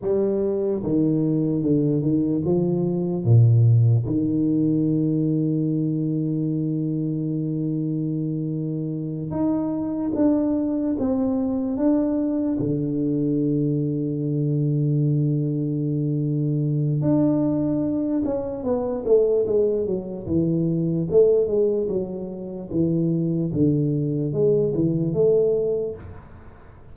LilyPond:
\new Staff \with { instrumentName = "tuba" } { \time 4/4 \tempo 4 = 74 g4 dis4 d8 dis8 f4 | ais,4 dis2.~ | dis2.~ dis8 dis'8~ | dis'8 d'4 c'4 d'4 d8~ |
d1~ | d4 d'4. cis'8 b8 a8 | gis8 fis8 e4 a8 gis8 fis4 | e4 d4 gis8 e8 a4 | }